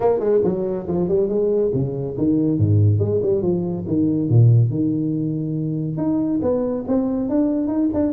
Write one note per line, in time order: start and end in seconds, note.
0.00 0.19 A#3
0.19 0.41 G#3
0.43 0.86 F#3
0.87 1.08 F3
1.08 1.29 G3
1.29 1.71 G#3
1.73 2.16 C#3
2.17 2.58 D#3
2.58 2.99 G#2
2.99 3.20 G#3
3.22 3.42 G3
3.42 3.85 F3
3.87 4.29 D#3
4.29 4.69 A#2
4.69 5.97 D#3
5.97 6.40 D#4
6.42 6.85 B3
6.87 7.29 C4
7.29 7.67 D4
7.67 7.89 D#4
7.93 8.12 D4